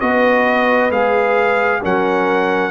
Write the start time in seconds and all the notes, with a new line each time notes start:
0.00 B3 F#4 B4 D#5
0.91 G#3 G#4 F5
1.81 F#3 C#4 A#4 F#5